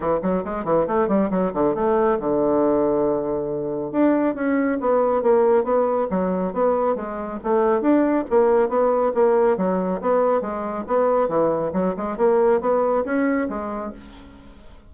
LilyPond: \new Staff \with { instrumentName = "bassoon" } { \time 4/4 \tempo 4 = 138 e8 fis8 gis8 e8 a8 g8 fis8 d8 | a4 d2.~ | d4 d'4 cis'4 b4 | ais4 b4 fis4 b4 |
gis4 a4 d'4 ais4 | b4 ais4 fis4 b4 | gis4 b4 e4 fis8 gis8 | ais4 b4 cis'4 gis4 | }